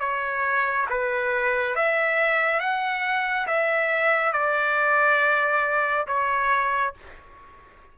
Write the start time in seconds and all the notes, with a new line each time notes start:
0.00 C#5
0.90 B4
1.76 E5
2.60 F#5
3.47 E5
4.33 D5
6.08 C#5